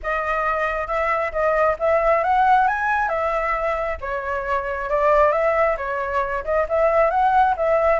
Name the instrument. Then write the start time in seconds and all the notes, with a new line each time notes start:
flute
0.03 D#5
0.87 E5
1.32 D#5
1.79 E5
2.23 F#5
2.67 G#5
3.08 E5
4.00 C#5
4.89 D5
5.32 E5
5.77 C#5
6.44 D#5
6.68 E5
7.10 F#5
7.56 E5